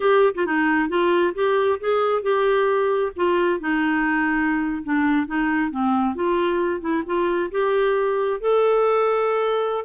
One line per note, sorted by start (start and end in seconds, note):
0.00 0.34 G4
0.34 0.46 F4
0.46 0.88 D#4
0.88 1.33 F4
1.34 1.79 G4
1.80 2.22 G#4
2.22 3.12 G4
3.16 3.60 F4
3.60 4.83 D#4
4.83 5.27 D4
5.27 5.70 D#4
5.70 6.15 C4
6.15 6.81 F4
6.81 7.03 E4
7.05 7.50 F4
7.51 8.40 G4
8.40 9.85 A4